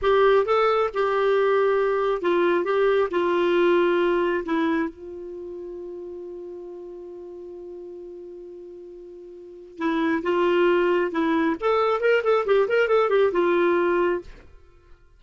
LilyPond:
\new Staff \with { instrumentName = "clarinet" } { \time 4/4 \tempo 4 = 135 g'4 a'4 g'2~ | g'4 f'4 g'4 f'4~ | f'2 e'4 f'4~ | f'1~ |
f'1~ | f'2 e'4 f'4~ | f'4 e'4 a'4 ais'8 a'8 | g'8 ais'8 a'8 g'8 f'2 | }